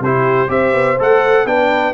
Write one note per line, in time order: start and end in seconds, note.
0.00 0.48 C3
0.00 0.48 E4
0.00 0.50 G4
0.00 0.50 C5
0.48 0.73 C4
0.48 0.96 G4
0.48 1.46 C5
0.48 0.98 E5
0.73 0.97 B3
0.99 1.45 A3
0.99 1.47 A4
0.99 1.47 F#5
1.45 1.93 B3
1.45 1.93 D4
1.45 1.93 B4
1.45 1.93 G5